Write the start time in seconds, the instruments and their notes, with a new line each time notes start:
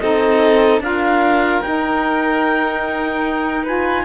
0.00 cello C4, saxophone D#4, violin A4, clarinet D#5
0.80 cello D4, saxophone F4, violin A#4, clarinet F5
1.62 saxophone D#4, cello D#4, clarinet G5
3.63 saxophone F4, violin B4, clarinet G#5